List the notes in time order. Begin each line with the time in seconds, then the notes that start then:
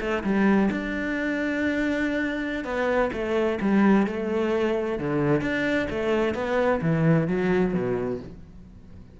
0.00 A3
0.23 G3
0.71 D4
2.64 B3
3.12 A3
3.61 G3
4.06 A3
4.98 D3
5.41 D4
5.90 A3
6.34 B3
6.81 E3
7.28 F#3
7.73 B2